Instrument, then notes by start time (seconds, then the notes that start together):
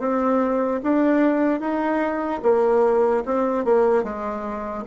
bassoon
0.00 C4
0.83 D4
1.60 D#4
2.43 A#3
3.26 C4
3.65 A#3
4.04 G#3